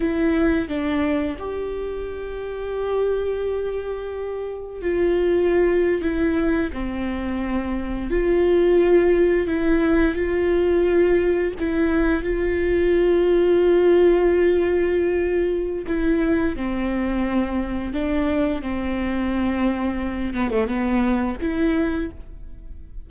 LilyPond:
\new Staff \with { instrumentName = "viola" } { \time 4/4 \tempo 4 = 87 e'4 d'4 g'2~ | g'2. f'4~ | f'8. e'4 c'2 f'16~ | f'4.~ f'16 e'4 f'4~ f'16~ |
f'8. e'4 f'2~ f'16~ | f'2. e'4 | c'2 d'4 c'4~ | c'4. b16 a16 b4 e'4 | }